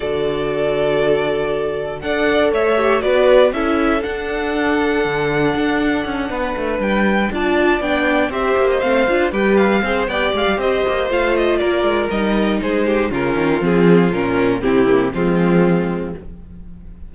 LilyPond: <<
  \new Staff \with { instrumentName = "violin" } { \time 4/4 \tempo 4 = 119 d''1 | fis''4 e''4 d''4 e''4 | fis''1~ | fis''4. g''4 a''4 g''8~ |
g''8 e''8. dis''16 f''4 g''8 f''4 | g''8 f''8 dis''4 f''8 dis''8 d''4 | dis''4 c''4 ais'4 gis'4 | ais'4 g'4 f'2 | }
  \new Staff \with { instrumentName = "violin" } { \time 4/4 a'1 | d''4 cis''4 b'4 a'4~ | a'1~ | a'8 b'2 d''4.~ |
d''8 c''2 b'4 c''8 | d''4 c''2 ais'4~ | ais'4 gis'8 g'8 f'2~ | f'4 e'4 c'2 | }
  \new Staff \with { instrumentName = "viola" } { \time 4/4 fis'1 | a'4. g'8 fis'4 e'4 | d'1~ | d'2~ d'8 f'4 d'8~ |
d'8 g'4 c'8 f'8 g'4 gis'8 | g'2 f'2 | dis'2 cis'4 c'4 | cis'4 c'8 ais8 gis2 | }
  \new Staff \with { instrumentName = "cello" } { \time 4/4 d1 | d'4 a4 b4 cis'4 | d'2 d4 d'4 | cis'8 b8 a8 g4 d'4 b8~ |
b8 c'8 ais8 a8 d'8 g4 c'8 | b8 gis16 g16 c'8 ais8 a4 ais8 gis8 | g4 gis4 cis8 dis8 f4 | ais,4 c4 f2 | }
>>